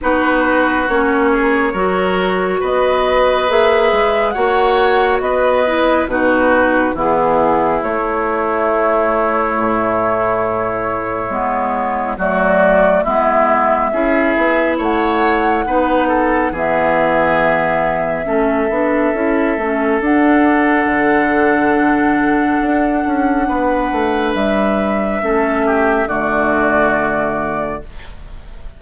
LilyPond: <<
  \new Staff \with { instrumentName = "flute" } { \time 4/4 \tempo 4 = 69 b'4 cis''2 dis''4 | e''4 fis''4 dis''4 b'4 | gis'4 cis''2.~ | cis''2 d''4 e''4~ |
e''4 fis''2 e''4~ | e''2. fis''4~ | fis''1 | e''2 d''2 | }
  \new Staff \with { instrumentName = "oboe" } { \time 4/4 fis'4. gis'8 ais'4 b'4~ | b'4 cis''4 b'4 fis'4 | e'1~ | e'2 fis'4 e'4 |
gis'4 cis''4 b'8 a'8 gis'4~ | gis'4 a'2.~ | a'2. b'4~ | b'4 a'8 g'8 fis'2 | }
  \new Staff \with { instrumentName = "clarinet" } { \time 4/4 dis'4 cis'4 fis'2 | gis'4 fis'4. e'8 dis'4 | b4 a2.~ | a4 b4 a4 b4 |
e'2 dis'4 b4~ | b4 cis'8 d'8 e'8 cis'8 d'4~ | d'1~ | d'4 cis'4 a2 | }
  \new Staff \with { instrumentName = "bassoon" } { \time 4/4 b4 ais4 fis4 b4 | ais8 gis8 ais4 b4 b,4 | e4 a2 a,4~ | a,4 gis4 fis4 gis4 |
cis'8 b8 a4 b4 e4~ | e4 a8 b8 cis'8 a8 d'4 | d2 d'8 cis'8 b8 a8 | g4 a4 d2 | }
>>